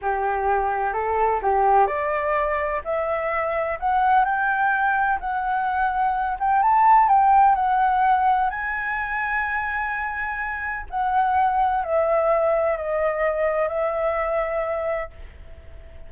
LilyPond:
\new Staff \with { instrumentName = "flute" } { \time 4/4 \tempo 4 = 127 g'2 a'4 g'4 | d''2 e''2 | fis''4 g''2 fis''4~ | fis''4. g''8 a''4 g''4 |
fis''2 gis''2~ | gis''2. fis''4~ | fis''4 e''2 dis''4~ | dis''4 e''2. | }